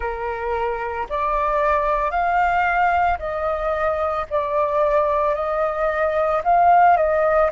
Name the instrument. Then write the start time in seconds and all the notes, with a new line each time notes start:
flute
0.00 A#4
1.09 D5
2.10 F5
3.19 D#5
4.30 D5
5.35 D#5
6.43 F5
6.96 D#5